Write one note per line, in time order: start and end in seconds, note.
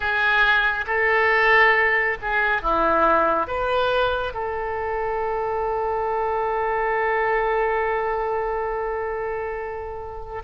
0.00 0.85 G#4
0.87 2.17 A4
2.21 2.61 G#4
2.61 3.47 E4
3.47 4.33 B4
4.33 10.42 A4